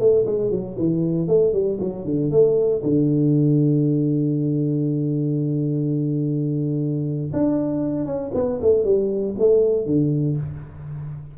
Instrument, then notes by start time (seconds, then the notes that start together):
tuba
0.00 A3
0.26 G#3
0.51 F#3
0.79 E3
1.28 A3
1.53 G3
1.81 F#3
2.06 D3
2.31 A3
2.83 D3
7.33 D4
8.07 C#4
8.35 B3
8.62 A3
8.85 G3
9.39 A3
9.86 D3